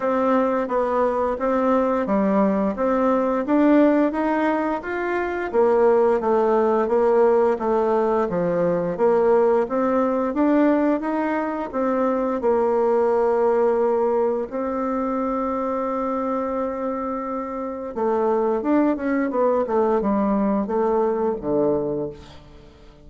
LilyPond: \new Staff \with { instrumentName = "bassoon" } { \time 4/4 \tempo 4 = 87 c'4 b4 c'4 g4 | c'4 d'4 dis'4 f'4 | ais4 a4 ais4 a4 | f4 ais4 c'4 d'4 |
dis'4 c'4 ais2~ | ais4 c'2.~ | c'2 a4 d'8 cis'8 | b8 a8 g4 a4 d4 | }